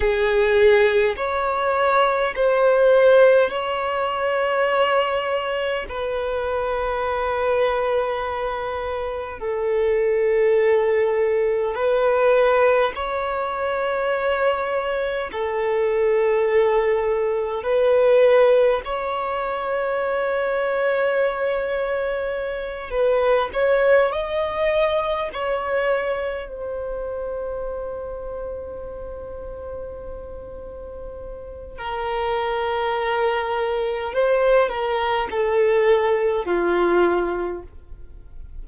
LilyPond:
\new Staff \with { instrumentName = "violin" } { \time 4/4 \tempo 4 = 51 gis'4 cis''4 c''4 cis''4~ | cis''4 b'2. | a'2 b'4 cis''4~ | cis''4 a'2 b'4 |
cis''2.~ cis''8 b'8 | cis''8 dis''4 cis''4 c''4.~ | c''2. ais'4~ | ais'4 c''8 ais'8 a'4 f'4 | }